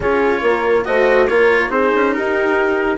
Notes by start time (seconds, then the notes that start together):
0.00 C#4 F4 G#4 C#5
0.40 A#3 A#4
0.84 A3 F#4 C5 D#5
1.27 A#3 F4 A#4 C#5
1.69 C4 D#4 G#4 C5
1.94 C#4
2.13 D#4 G4 A#4